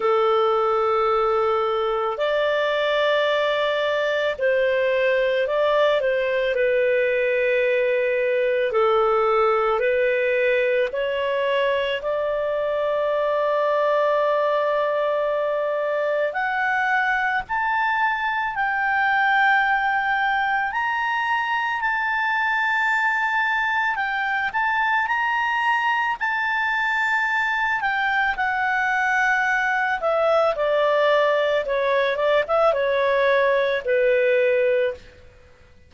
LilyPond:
\new Staff \with { instrumentName = "clarinet" } { \time 4/4 \tempo 4 = 55 a'2 d''2 | c''4 d''8 c''8 b'2 | a'4 b'4 cis''4 d''4~ | d''2. fis''4 |
a''4 g''2 ais''4 | a''2 g''8 a''8 ais''4 | a''4. g''8 fis''4. e''8 | d''4 cis''8 d''16 e''16 cis''4 b'4 | }